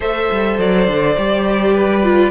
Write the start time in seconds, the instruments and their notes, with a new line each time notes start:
0.00 cello A3, viola A4, violin C5 E5
0.31 cello G3
0.58 cello F#3, violin D5
0.87 cello D3
1.17 cello G3, viola G4
1.74 violin B4
2.03 viola F4